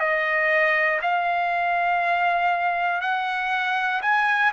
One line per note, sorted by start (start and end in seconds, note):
0.00 1.00 D#5
1.02 3.01 F5
3.01 4.01 F#5
4.01 4.51 G#5